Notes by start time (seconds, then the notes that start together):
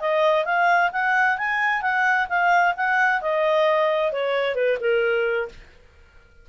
0.00 D#5
0.45 F5
0.92 F#5
1.38 G#5
1.82 F#5
2.29 F5
2.76 F#5
3.21 D#5
4.12 C#5
4.55 B4
4.80 A#4